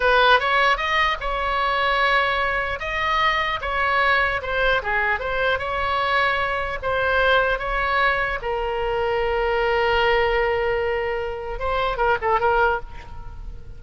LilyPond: \new Staff \with { instrumentName = "oboe" } { \time 4/4 \tempo 4 = 150 b'4 cis''4 dis''4 cis''4~ | cis''2. dis''4~ | dis''4 cis''2 c''4 | gis'4 c''4 cis''2~ |
cis''4 c''2 cis''4~ | cis''4 ais'2.~ | ais'1~ | ais'4 c''4 ais'8 a'8 ais'4 | }